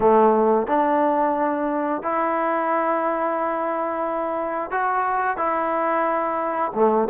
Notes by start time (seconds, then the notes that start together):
0.00 A3
0.67 D4
2.02 E4
4.70 F#4
5.37 E4
6.74 A3